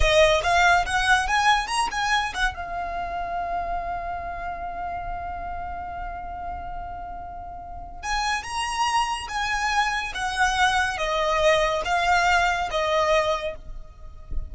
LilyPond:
\new Staff \with { instrumentName = "violin" } { \time 4/4 \tempo 4 = 142 dis''4 f''4 fis''4 gis''4 | ais''8 gis''4 fis''8 f''2~ | f''1~ | f''1~ |
f''2. gis''4 | ais''2 gis''2 | fis''2 dis''2 | f''2 dis''2 | }